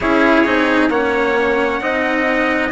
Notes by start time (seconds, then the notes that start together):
0.00 C#4 E4 G#4 C#5
0.45 C4 D#4
0.89 A#3 C#4 C#5 F#5
1.80 C4 D#4 D#5